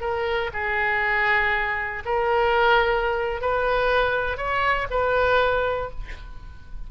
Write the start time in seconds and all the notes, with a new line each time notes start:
0.00 A#4
0.53 G#4
2.05 A#4
3.41 B4
4.37 C#5
4.90 B4